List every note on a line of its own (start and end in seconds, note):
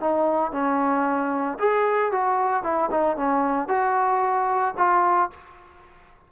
0.00 0.52 D#4
0.52 1.58 C#4
1.59 2.12 G#4
2.12 2.63 F#4
2.63 2.90 E4
2.91 3.17 D#4
3.17 3.68 C#4
3.68 4.74 F#4
4.77 5.30 F4